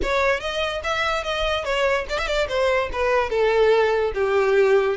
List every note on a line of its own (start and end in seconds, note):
0.02 0.40 C#5
0.40 0.81 D#5
0.83 1.23 E5
1.23 1.64 D#5
1.64 2.05 C#5
2.09 2.18 D5
2.18 2.27 E5
2.27 2.47 D5
2.48 2.89 C5
2.92 3.29 B4
3.29 4.12 A4
4.14 4.97 G4